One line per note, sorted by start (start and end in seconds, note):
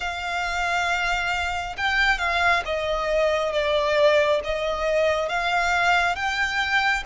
0.00 1.76 F5
1.76 2.18 G5
2.18 2.62 F5
2.65 3.52 D#5
3.52 4.40 D5
4.44 5.29 D#5
5.29 6.15 F5
6.15 7.03 G5